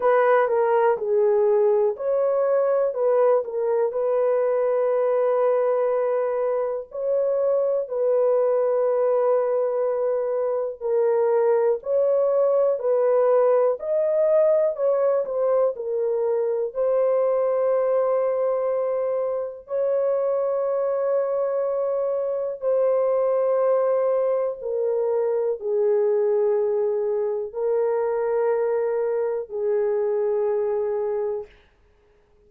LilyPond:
\new Staff \with { instrumentName = "horn" } { \time 4/4 \tempo 4 = 61 b'8 ais'8 gis'4 cis''4 b'8 ais'8 | b'2. cis''4 | b'2. ais'4 | cis''4 b'4 dis''4 cis''8 c''8 |
ais'4 c''2. | cis''2. c''4~ | c''4 ais'4 gis'2 | ais'2 gis'2 | }